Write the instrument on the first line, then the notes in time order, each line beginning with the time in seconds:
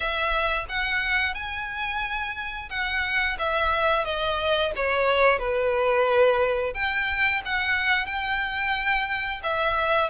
violin
0.00 E5
0.69 F#5
1.34 G#5
2.69 F#5
3.38 E5
4.04 D#5
4.76 C#5
5.38 B4
6.74 G5
7.45 F#5
8.06 G5
9.43 E5